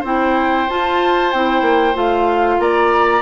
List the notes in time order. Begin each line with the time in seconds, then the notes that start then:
0.00 C4 E4 C5 G5
0.69 F4 A5
1.32 C4 E4 G5
1.62 A#3
1.93 A3 F4 F5
2.59 A#3 D5 A#5